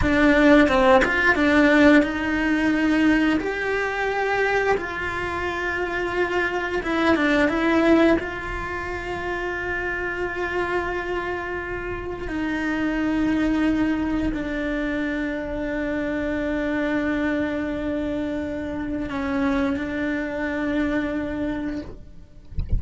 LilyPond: \new Staff \with { instrumentName = "cello" } { \time 4/4 \tempo 4 = 88 d'4 c'8 f'8 d'4 dis'4~ | dis'4 g'2 f'4~ | f'2 e'8 d'8 e'4 | f'1~ |
f'2 dis'2~ | dis'4 d'2.~ | d'1 | cis'4 d'2. | }